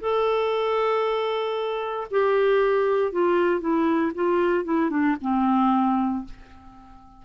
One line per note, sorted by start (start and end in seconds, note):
0.00 2.07 A4
2.10 3.12 G4
3.12 3.60 F4
3.60 4.12 E4
4.14 4.64 F4
4.64 4.90 E4
4.90 5.16 D4
5.21 6.24 C4